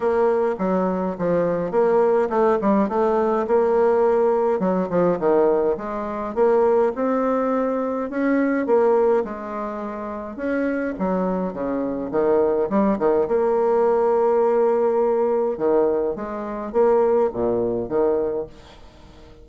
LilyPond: \new Staff \with { instrumentName = "bassoon" } { \time 4/4 \tempo 4 = 104 ais4 fis4 f4 ais4 | a8 g8 a4 ais2 | fis8 f8 dis4 gis4 ais4 | c'2 cis'4 ais4 |
gis2 cis'4 fis4 | cis4 dis4 g8 dis8 ais4~ | ais2. dis4 | gis4 ais4 ais,4 dis4 | }